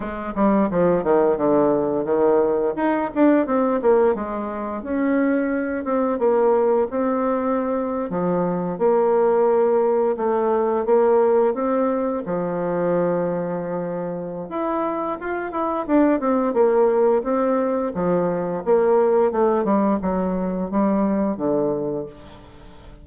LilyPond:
\new Staff \with { instrumentName = "bassoon" } { \time 4/4 \tempo 4 = 87 gis8 g8 f8 dis8 d4 dis4 | dis'8 d'8 c'8 ais8 gis4 cis'4~ | cis'8 c'8 ais4 c'4.~ c'16 f16~ | f8. ais2 a4 ais16~ |
ais8. c'4 f2~ f16~ | f4 e'4 f'8 e'8 d'8 c'8 | ais4 c'4 f4 ais4 | a8 g8 fis4 g4 d4 | }